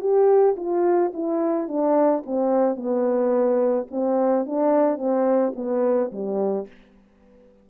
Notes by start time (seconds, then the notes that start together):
0.00 G4
0.57 F4
1.14 E4
1.68 D4
2.26 C4
2.76 B3
3.91 C4
4.46 D4
4.98 C4
5.56 B3
6.12 G3